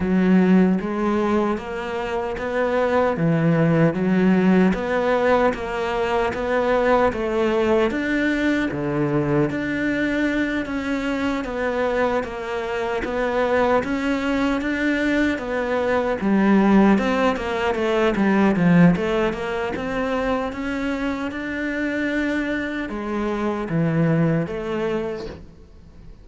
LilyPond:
\new Staff \with { instrumentName = "cello" } { \time 4/4 \tempo 4 = 76 fis4 gis4 ais4 b4 | e4 fis4 b4 ais4 | b4 a4 d'4 d4 | d'4. cis'4 b4 ais8~ |
ais8 b4 cis'4 d'4 b8~ | b8 g4 c'8 ais8 a8 g8 f8 | a8 ais8 c'4 cis'4 d'4~ | d'4 gis4 e4 a4 | }